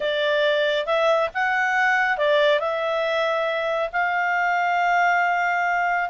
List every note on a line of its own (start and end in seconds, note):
0.00 0.86 D5
0.86 1.29 E5
1.34 2.17 F#5
2.17 2.59 D5
2.59 3.90 E5
3.92 6.09 F5